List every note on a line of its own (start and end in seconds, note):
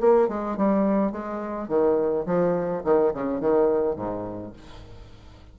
0.00 0.28 A#3
0.28 0.56 G#3
0.56 1.11 G3
1.11 1.68 G#3
1.68 2.25 D#3
2.25 2.83 F3
2.84 3.12 D#3
3.14 3.40 C#3
3.40 3.96 D#3
3.96 4.53 G#2